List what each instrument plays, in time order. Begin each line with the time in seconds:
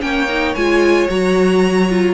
0.00 cello A#3, viola C#4, violin C#5 G5
0.29 viola D#4
0.55 cello G#3, viola F4, violin G#5
1.09 cello F#3, viola F#4, violin A#5
1.90 viola F4